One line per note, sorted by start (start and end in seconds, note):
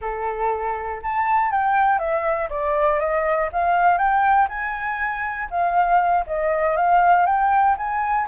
0.01 1.01 A4
1.02 1.51 A5
1.51 1.98 G5
1.98 2.48 E5
2.49 2.99 D5
2.99 3.49 D#5
3.52 3.97 F5
3.97 4.47 G5
4.49 5.49 G#5
5.50 6.25 F5
6.26 6.76 D#5
6.76 7.25 F5
7.25 7.75 G5
7.77 8.27 G#5